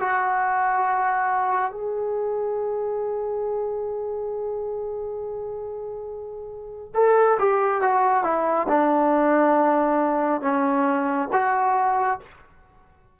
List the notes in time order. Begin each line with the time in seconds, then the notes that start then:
0.00 F#4
1.72 G#4
6.94 A4
7.39 G4
7.81 F#4
8.24 E4
8.68 D4
10.42 C#4
11.33 F#4